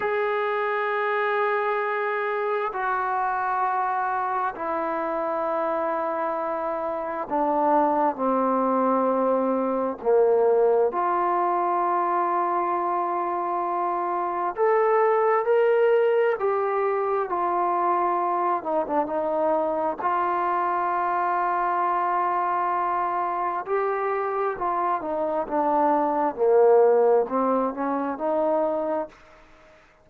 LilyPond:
\new Staff \with { instrumentName = "trombone" } { \time 4/4 \tempo 4 = 66 gis'2. fis'4~ | fis'4 e'2. | d'4 c'2 ais4 | f'1 |
a'4 ais'4 g'4 f'4~ | f'8 dis'16 d'16 dis'4 f'2~ | f'2 g'4 f'8 dis'8 | d'4 ais4 c'8 cis'8 dis'4 | }